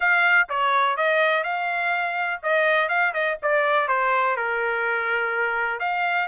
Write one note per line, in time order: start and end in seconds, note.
0.00 0.48 F5
0.49 0.96 C#5
0.96 1.43 D#5
1.43 2.40 F5
2.42 2.88 D#5
2.88 3.13 F5
3.13 3.37 D#5
3.42 3.88 D5
3.88 4.36 C5
4.36 5.79 A#4
5.79 6.28 F5